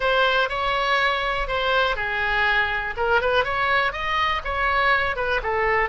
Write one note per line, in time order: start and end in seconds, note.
0.00 0.49 C5
0.49 1.47 C#5
1.47 1.95 C5
1.95 2.94 G#4
2.96 3.21 A#4
3.21 3.44 B4
3.44 3.92 C#5
3.92 4.41 D#5
4.44 5.16 C#5
5.16 5.40 B4
5.42 5.89 A4